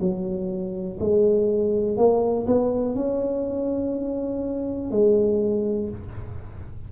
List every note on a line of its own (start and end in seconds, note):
0.00 0.98 F#3
1.00 1.97 G#3
1.97 2.46 A#3
2.47 2.95 B3
2.95 4.91 C#4
4.91 5.89 G#3